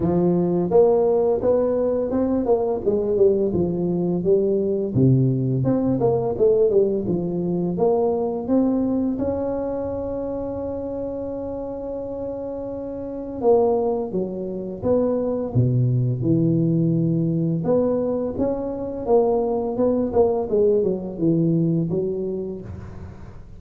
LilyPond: \new Staff \with { instrumentName = "tuba" } { \time 4/4 \tempo 4 = 85 f4 ais4 b4 c'8 ais8 | gis8 g8 f4 g4 c4 | c'8 ais8 a8 g8 f4 ais4 | c'4 cis'2.~ |
cis'2. ais4 | fis4 b4 b,4 e4~ | e4 b4 cis'4 ais4 | b8 ais8 gis8 fis8 e4 fis4 | }